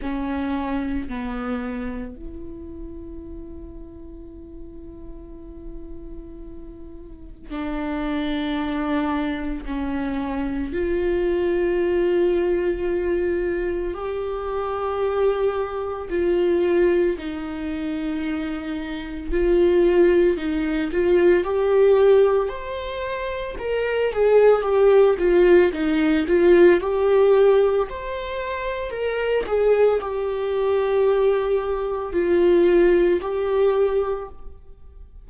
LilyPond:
\new Staff \with { instrumentName = "viola" } { \time 4/4 \tempo 4 = 56 cis'4 b4 e'2~ | e'2. d'4~ | d'4 cis'4 f'2~ | f'4 g'2 f'4 |
dis'2 f'4 dis'8 f'8 | g'4 c''4 ais'8 gis'8 g'8 f'8 | dis'8 f'8 g'4 c''4 ais'8 gis'8 | g'2 f'4 g'4 | }